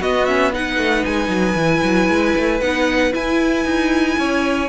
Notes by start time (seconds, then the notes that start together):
0.00 B3 F#4 D#5
0.26 C#4 E5
0.53 D#4 B4 F#5
0.78 A3
1.05 G#3 G#5
1.29 F#3
1.55 E3 E4
1.84 F#3
2.09 G#3
2.37 A3
2.61 B3 D#4 F#5
3.12 E4 G#5
3.65 D#4
4.18 C#4 C#5